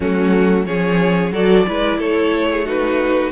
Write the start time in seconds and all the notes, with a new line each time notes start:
0.00 F#3 A3 C#4 F#4
0.65 F3 C#4 G#4 C#5
1.31 F#3 F#4 A4 D5
1.67 G#3 E4 B4
1.98 A3 A4 C#5
2.51 G#4
2.64 D#4 F#4 B4